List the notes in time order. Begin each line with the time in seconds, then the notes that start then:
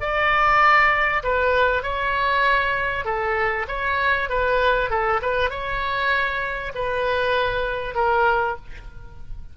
0.00 D5
1.23 B4
1.82 C#5
3.04 A4
3.67 C#5
4.29 B4
4.90 A4
5.22 B4
5.49 C#5
6.75 B4
7.94 A#4